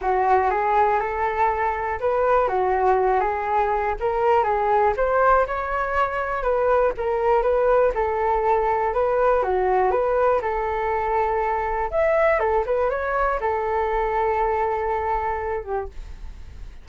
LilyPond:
\new Staff \with { instrumentName = "flute" } { \time 4/4 \tempo 4 = 121 fis'4 gis'4 a'2 | b'4 fis'4. gis'4. | ais'4 gis'4 c''4 cis''4~ | cis''4 b'4 ais'4 b'4 |
a'2 b'4 fis'4 | b'4 a'2. | e''4 a'8 b'8 cis''4 a'4~ | a'2.~ a'8 g'8 | }